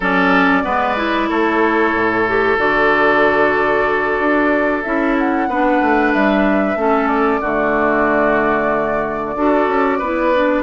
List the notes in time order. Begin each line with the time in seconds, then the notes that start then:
0.00 F#3 C#4 A4 D5
0.63 G#3 B3 B4
0.96 E4
1.28 A3 A4 C#5
1.93 A2
2.27 G4
2.57 D3 F#4 D5
4.19 D4
4.83 C#4 E4 E5
5.18 F#5
5.48 B3 D4 B4
5.81 A3
6.13 G3 E5
6.75 A3 C#4 A4
7.07 D5
7.40 D3 A3 F#4
9.35 D4 F#4 A4
9.67 C#4
9.98 B3 E4 B4
10.34 D4